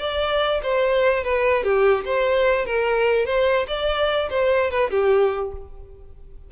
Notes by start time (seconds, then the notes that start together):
0.00 D5
0.63 C5
1.24 B4
1.64 G4
2.06 C5
2.66 A#4
3.26 C5
3.68 D5
4.31 C5
4.71 B4
4.91 G4